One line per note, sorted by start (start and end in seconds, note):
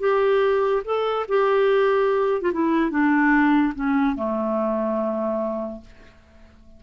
0.00 0.83 G4
0.85 1.27 A4
1.29 2.42 G4
2.42 2.52 F4
2.53 2.91 E4
2.91 3.74 D4
3.75 4.16 C#4
4.16 5.81 A3